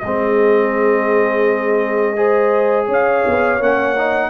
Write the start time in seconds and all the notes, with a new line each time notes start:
0.00 G#3 C4 G#4 D#5
2.16 G#4 C5
2.86 C#4 C#5
2.93 F5
3.26 B3
3.59 A#3 C#4 F#5
3.97 D#4